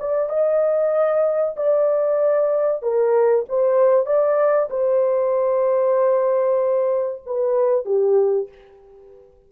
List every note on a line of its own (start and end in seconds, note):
0.00 0.30 D5
0.30 1.56 D#5
1.57 2.82 D5
2.82 3.46 A#4
3.49 4.07 C5
4.07 4.70 D5
4.70 7.23 C5
7.26 7.86 B4
7.86 8.49 G4